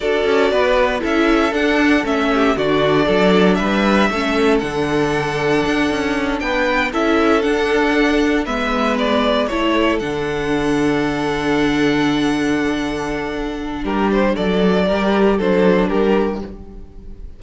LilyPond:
<<
  \new Staff \with { instrumentName = "violin" } { \time 4/4 \tempo 4 = 117 d''2 e''4 fis''4 | e''4 d''2 e''4~ | e''4 fis''2.~ | fis''8 g''4 e''4 fis''4.~ |
fis''8 e''4 d''4 cis''4 fis''8~ | fis''1~ | fis''2. ais'8 c''8 | d''2 c''4 ais'4 | }
  \new Staff \with { instrumentName = "violin" } { \time 4/4 a'4 b'4 a'2~ | a'8 g'8 fis'4 a'4 b'4 | a'1~ | a'8 b'4 a'2~ a'8~ |
a'8 b'2 a'4.~ | a'1~ | a'2. g'4 | a'4 ais'4 a'4 g'4 | }
  \new Staff \with { instrumentName = "viola" } { \time 4/4 fis'2 e'4 d'4 | cis'4 d'2. | cis'4 d'2.~ | d'4. e'4 d'4.~ |
d'8 b2 e'4 d'8~ | d'1~ | d'1~ | d'4 g'4 d'2 | }
  \new Staff \with { instrumentName = "cello" } { \time 4/4 d'8 cis'8 b4 cis'4 d'4 | a4 d4 fis4 g4 | a4 d2 d'8 cis'8~ | cis'8 b4 cis'4 d'4.~ |
d'8 gis2 a4 d8~ | d1~ | d2. g4 | fis4 g4 fis4 g4 | }
>>